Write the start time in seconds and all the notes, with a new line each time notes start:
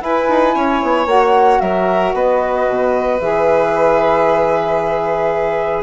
0.00 E4 B4 G#5
0.29 D#4
0.55 C#4 C#5
0.82 B3
1.06 A#3 F#4 F#5
1.60 F#3 A#4 E5
2.13 B3 B4 D#5
2.68 B2
3.19 E3 G#4 E5